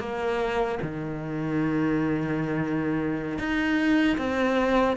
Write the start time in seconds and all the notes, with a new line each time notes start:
0.00 A#3
0.83 D#3
3.39 D#4
4.18 C4